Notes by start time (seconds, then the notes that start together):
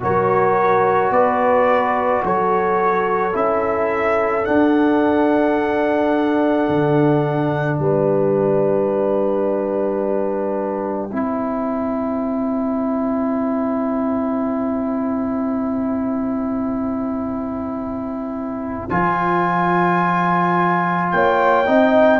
0.00 F#3 F#4 A#4 C#5
1.10 B3 B4 D5
2.24 F#3 A4 C#5
3.32 C#4 E4 E5
4.43 D4 F#5
6.68 D3
7.78 G3 B4 G5
11.12 C4 E4 C5
18.90 F3 F4 G#5
21.11 A#3 C#5 G5
21.65 C4 D#4 D#5